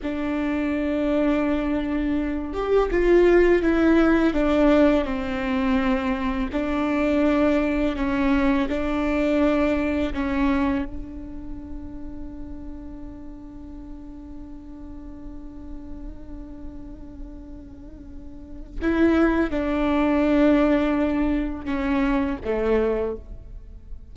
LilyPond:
\new Staff \with { instrumentName = "viola" } { \time 4/4 \tempo 4 = 83 d'2.~ d'8 g'8 | f'4 e'4 d'4 c'4~ | c'4 d'2 cis'4 | d'2 cis'4 d'4~ |
d'1~ | d'1~ | d'2 e'4 d'4~ | d'2 cis'4 a4 | }